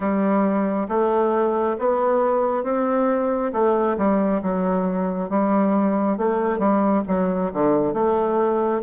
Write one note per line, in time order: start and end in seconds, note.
0.00 0.87 G3
0.88 1.76 A3
1.78 2.63 B3
2.63 3.51 C4
3.52 3.96 A3
3.97 4.41 G3
4.42 5.29 F#3
5.29 6.17 G3
6.17 6.59 A3
6.59 7.03 G3
7.07 7.51 F#3
7.53 7.93 D3
7.93 8.82 A3